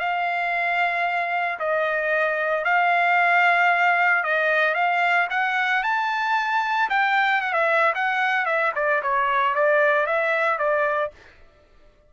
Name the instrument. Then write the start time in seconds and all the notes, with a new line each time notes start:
trumpet
0.00 F5
1.60 D#5
2.65 F5
4.24 D#5
4.75 F5
5.30 F#5
5.84 A5
6.90 G5
7.42 F#5
7.53 E5
7.95 F#5
8.46 E5
8.76 D5
9.03 C#5
9.55 D5
10.06 E5
10.59 D5